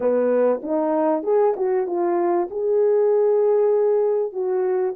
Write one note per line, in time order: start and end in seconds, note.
0.00 0.61 B3
0.62 1.23 D#4
1.23 1.54 G#4
1.56 1.86 F#4
1.86 2.48 F4
2.50 4.32 G#4
4.32 4.94 F#4